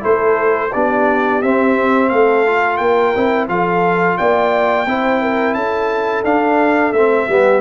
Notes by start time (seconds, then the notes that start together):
0.00 A3 E4 A4 C5
0.73 B3 D4 G4 D5
1.42 C4 E5
2.09 A3 A4 F5
2.46 F4
2.77 A#3 A#4 G5
3.15 C4 E4
3.48 F3 F4 A4 F5
4.17 A#3 D5 G5
4.86 C4 E4 C5
5.21 A#4
5.54 C#4 A4 A5
6.24 D4 F5
6.92 A3 C4 E5
7.28 G3 B3 G4